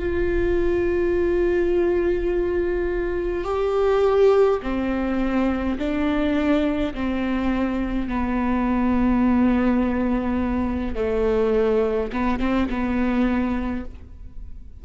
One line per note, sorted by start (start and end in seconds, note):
0.00 3.45 F4
3.45 4.60 G4
4.63 5.78 C4
5.78 6.94 D4
6.94 8.08 C4
8.08 10.96 B3
10.96 12.11 A3
12.13 12.40 B3
12.40 12.69 C4
12.70 13.85 B3